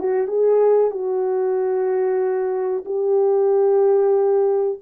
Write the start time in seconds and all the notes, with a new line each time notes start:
0.00 F#4
0.28 G#4
0.91 F#4
2.86 G4